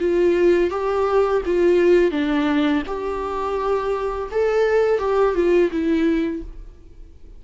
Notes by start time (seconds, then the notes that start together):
0.00 F4
0.71 G4
1.46 F4
2.12 D4
2.87 G4
4.31 A4
4.99 G4
5.35 F4
5.71 E4